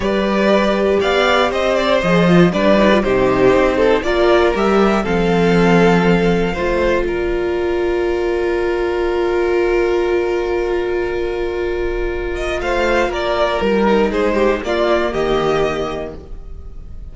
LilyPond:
<<
  \new Staff \with { instrumentName = "violin" } { \time 4/4 \tempo 4 = 119 d''2 f''4 dis''8 d''8 | dis''4 d''4 c''2 | d''4 e''4 f''2~ | f''2 d''2~ |
d''1~ | d''1~ | d''8 dis''8 f''4 d''4 ais'4 | c''4 d''4 dis''2 | }
  \new Staff \with { instrumentName = "violin" } { \time 4/4 b'2 d''4 c''4~ | c''4 b'4 g'4. a'8 | ais'2 a'2~ | a'4 c''4 ais'2~ |
ais'1~ | ais'1~ | ais'4 c''4 ais'2 | gis'8 g'8 f'4 g'2 | }
  \new Staff \with { instrumentName = "viola" } { \time 4/4 g'1 | gis'8 f'8 d'8 dis'16 f'16 dis'2 | f'4 g'4 c'2~ | c'4 f'2.~ |
f'1~ | f'1~ | f'2.~ f'8 dis'8~ | dis'4 ais2. | }
  \new Staff \with { instrumentName = "cello" } { \time 4/4 g2 b4 c'4 | f4 g4 c4 c'4 | ais4 g4 f2~ | f4 a4 ais2~ |
ais1~ | ais1~ | ais4 a4 ais4 g4 | gis4 ais4 dis2 | }
>>